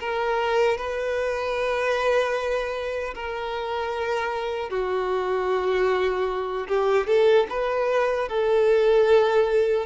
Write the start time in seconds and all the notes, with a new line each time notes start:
0.00 A#4
0.78 B4
3.15 A#4
4.70 F#4
6.68 G4
7.07 A4
7.50 B4
8.29 A4